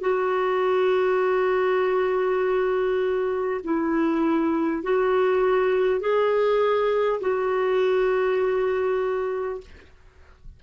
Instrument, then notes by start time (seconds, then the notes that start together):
clarinet
0.00 F#4
3.64 E4
4.83 F#4
6.00 G#4
7.20 F#4